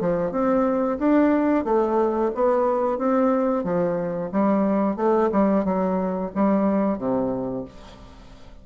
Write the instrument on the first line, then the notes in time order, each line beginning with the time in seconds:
bassoon
0.00 F3
0.31 C4
0.98 D4
1.65 A3
2.35 B3
2.98 C4
3.64 F3
4.32 G3
4.96 A3
5.32 G3
5.64 F#3
6.35 G3
6.98 C3